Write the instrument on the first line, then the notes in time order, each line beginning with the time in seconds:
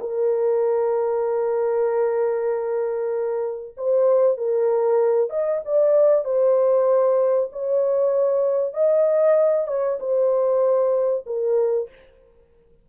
horn
0.00 A#4
3.77 C5
4.38 A#4
5.30 D#5
5.65 D5
6.25 C5
7.53 C#5
8.74 D#5
9.67 C#5
10.00 C5
11.26 A#4